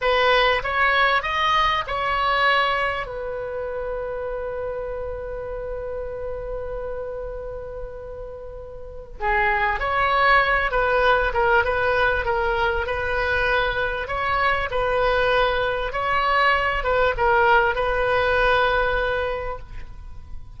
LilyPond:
\new Staff \with { instrumentName = "oboe" } { \time 4/4 \tempo 4 = 98 b'4 cis''4 dis''4 cis''4~ | cis''4 b'2.~ | b'1~ | b'2. gis'4 |
cis''4. b'4 ais'8 b'4 | ais'4 b'2 cis''4 | b'2 cis''4. b'8 | ais'4 b'2. | }